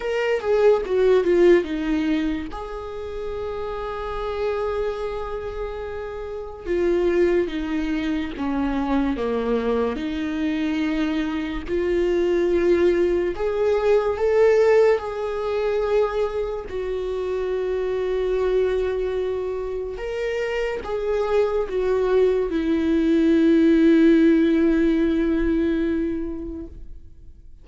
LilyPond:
\new Staff \with { instrumentName = "viola" } { \time 4/4 \tempo 4 = 72 ais'8 gis'8 fis'8 f'8 dis'4 gis'4~ | gis'1 | f'4 dis'4 cis'4 ais4 | dis'2 f'2 |
gis'4 a'4 gis'2 | fis'1 | ais'4 gis'4 fis'4 e'4~ | e'1 | }